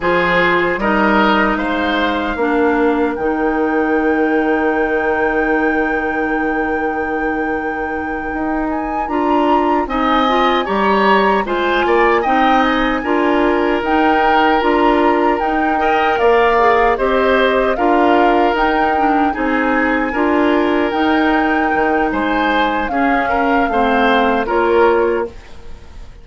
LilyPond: <<
  \new Staff \with { instrumentName = "flute" } { \time 4/4 \tempo 4 = 76 c''4 dis''4 f''2 | g''1~ | g''2. gis''8 ais''8~ | ais''8 gis''4 ais''4 gis''4 g''8 |
gis''4. g''4 ais''4 g''8~ | g''8 f''4 dis''4 f''4 g''8~ | g''8 gis''2 g''4. | gis''4 f''2 cis''4 | }
  \new Staff \with { instrumentName = "oboe" } { \time 4/4 gis'4 ais'4 c''4 ais'4~ | ais'1~ | ais'1~ | ais'8 dis''4 cis''4 c''8 d''8 dis''8~ |
dis''8 ais'2.~ ais'8 | dis''8 d''4 c''4 ais'4.~ | ais'8 gis'4 ais'2~ ais'8 | c''4 gis'8 ais'8 c''4 ais'4 | }
  \new Staff \with { instrumentName = "clarinet" } { \time 4/4 f'4 dis'2 d'4 | dis'1~ | dis'2.~ dis'8 f'8~ | f'8 dis'8 f'8 g'4 f'4 dis'8~ |
dis'8 f'4 dis'4 f'4 dis'8 | ais'4 gis'8 g'4 f'4 dis'8 | d'8 dis'4 f'4 dis'4.~ | dis'4 cis'4 c'4 f'4 | }
  \new Staff \with { instrumentName = "bassoon" } { \time 4/4 f4 g4 gis4 ais4 | dis1~ | dis2~ dis8 dis'4 d'8~ | d'8 c'4 g4 gis8 ais8 c'8~ |
c'8 d'4 dis'4 d'4 dis'8~ | dis'8 ais4 c'4 d'4 dis'8~ | dis'8 c'4 d'4 dis'4 dis8 | gis4 cis'4 a4 ais4 | }
>>